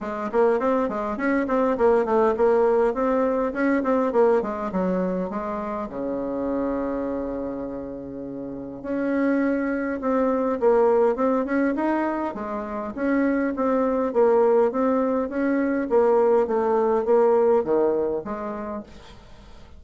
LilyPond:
\new Staff \with { instrumentName = "bassoon" } { \time 4/4 \tempo 4 = 102 gis8 ais8 c'8 gis8 cis'8 c'8 ais8 a8 | ais4 c'4 cis'8 c'8 ais8 gis8 | fis4 gis4 cis2~ | cis2. cis'4~ |
cis'4 c'4 ais4 c'8 cis'8 | dis'4 gis4 cis'4 c'4 | ais4 c'4 cis'4 ais4 | a4 ais4 dis4 gis4 | }